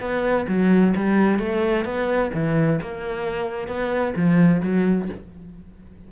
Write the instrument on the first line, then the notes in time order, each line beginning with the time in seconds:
cello
0.00 B3
0.48 F#3
0.96 G3
1.39 A3
1.85 B3
2.34 E3
2.82 A#3
3.67 B3
4.16 F3
4.63 F#3